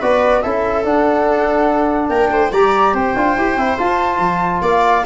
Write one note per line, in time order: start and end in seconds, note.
0.00 0.44 B3
0.00 0.43 F#4
0.00 0.42 B4
0.00 0.42 D5
0.42 0.84 C#4
0.42 0.84 E4
0.42 2.10 A4
0.42 0.84 E5
0.84 2.52 D4
0.84 2.09 D4
0.84 2.09 F#5
2.09 2.30 A#3
2.09 2.31 A#4
2.09 2.51 G5
2.30 2.51 A3
2.30 2.52 C5
2.51 2.93 G3
2.51 3.16 G4
2.51 2.94 D5
2.51 2.94 A#5
2.93 3.14 C4
2.93 4.62 C5
2.93 3.78 G5
3.16 3.36 D4
3.16 3.37 F4
3.36 3.56 E4
3.36 3.58 G4
3.56 3.77 C4
3.56 3.78 E4
3.78 5.04 F4
3.78 4.19 F4
3.78 4.62 A5
4.19 4.60 F3
4.62 5.04 A#3
4.62 5.04 D5
4.62 5.06 F5